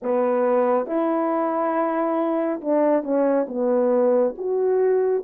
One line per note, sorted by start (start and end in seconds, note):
0.02 0.87 B3
0.87 2.60 E4
2.61 3.03 D4
3.03 3.46 C#4
3.48 4.35 B3
4.37 5.24 F#4